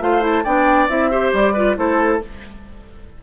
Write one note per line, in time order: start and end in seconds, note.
0.00 0.44 A3
0.00 0.20 F4
0.00 0.44 C5
0.00 0.24 F5
0.20 0.42 E4
0.20 0.44 A5
0.44 0.89 B3
0.44 0.89 D4
0.44 1.09 D5
0.44 0.88 G5
0.89 1.32 C4
0.89 1.11 E4
0.89 1.33 E5
1.11 1.55 G4
1.11 1.53 C5
1.33 1.77 G3
1.33 1.77 D5
1.53 1.75 F4
1.53 1.75 B4
1.75 2.21 A3
1.75 2.19 E4
1.75 2.23 A4
1.75 2.21 C5